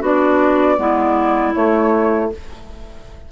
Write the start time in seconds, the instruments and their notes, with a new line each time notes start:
0.00 bassoon B3, clarinet D4 F#4, flute D5
0.78 bassoon G#3, clarinet B3 E4
1.54 clarinet A3, bassoon A3, flute C#5